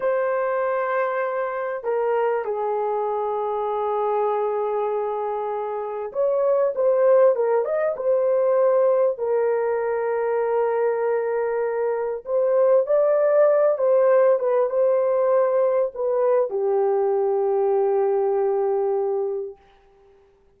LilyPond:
\new Staff \with { instrumentName = "horn" } { \time 4/4 \tempo 4 = 98 c''2. ais'4 | gis'1~ | gis'2 cis''4 c''4 | ais'8 dis''8 c''2 ais'4~ |
ais'1 | c''4 d''4. c''4 b'8 | c''2 b'4 g'4~ | g'1 | }